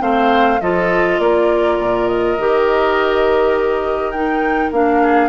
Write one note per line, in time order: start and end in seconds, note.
0.00 0.60 A3
0.00 0.59 C4
0.00 0.60 C5
0.00 0.61 F5
0.61 1.19 F3
0.61 2.38 F4
0.61 1.21 A4
0.61 1.19 D#5
1.19 1.78 A#3
1.19 5.02 A#4
1.19 2.07 D5
1.78 2.37 A#2
2.07 4.11 D#5
2.38 4.71 D#3
2.38 4.14 G4
4.11 4.73 D#4
4.11 4.70 G5
4.71 5.29 A#3
4.71 5.29 D4
4.71 5.29 F5
5.02 5.29 G#4